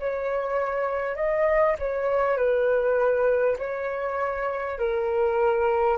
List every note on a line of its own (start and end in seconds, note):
0.00 1.16 C#5
1.16 1.76 D#5
1.79 2.37 C#5
2.37 3.57 B4
3.58 4.78 C#5
4.78 5.97 A#4